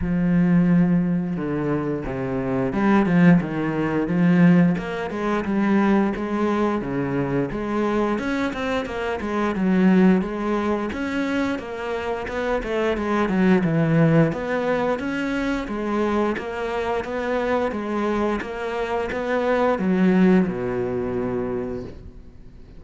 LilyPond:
\new Staff \with { instrumentName = "cello" } { \time 4/4 \tempo 4 = 88 f2 d4 c4 | g8 f8 dis4 f4 ais8 gis8 | g4 gis4 cis4 gis4 | cis'8 c'8 ais8 gis8 fis4 gis4 |
cis'4 ais4 b8 a8 gis8 fis8 | e4 b4 cis'4 gis4 | ais4 b4 gis4 ais4 | b4 fis4 b,2 | }